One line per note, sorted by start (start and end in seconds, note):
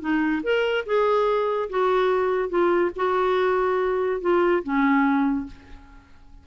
0.00 0.42 D#4
0.43 0.85 A#4
0.86 1.69 G#4
1.69 2.49 F#4
2.49 2.91 F4
2.95 4.20 F#4
4.21 4.62 F4
4.63 5.46 C#4